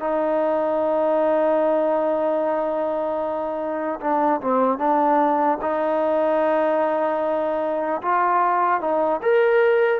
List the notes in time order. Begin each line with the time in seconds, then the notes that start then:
0.00 D#4
4.01 D4
4.41 C4
4.79 D4
5.62 D#4
8.02 F4
8.81 D#4
9.22 A#4